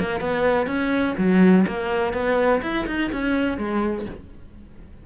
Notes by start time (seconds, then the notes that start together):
0.00 A#3
0.21 B3
0.67 C#4
1.18 F#3
1.68 A#3
2.14 B3
2.62 E4
2.87 D#4
3.12 C#4
3.58 G#3